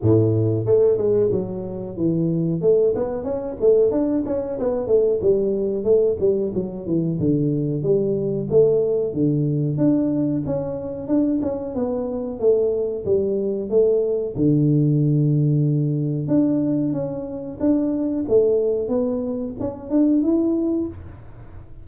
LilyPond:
\new Staff \with { instrumentName = "tuba" } { \time 4/4 \tempo 4 = 92 a,4 a8 gis8 fis4 e4 | a8 b8 cis'8 a8 d'8 cis'8 b8 a8 | g4 a8 g8 fis8 e8 d4 | g4 a4 d4 d'4 |
cis'4 d'8 cis'8 b4 a4 | g4 a4 d2~ | d4 d'4 cis'4 d'4 | a4 b4 cis'8 d'8 e'4 | }